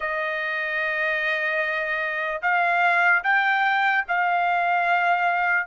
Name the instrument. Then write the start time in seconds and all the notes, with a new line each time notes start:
trumpet
0.00 D#5
2.42 F5
3.23 G5
4.08 F5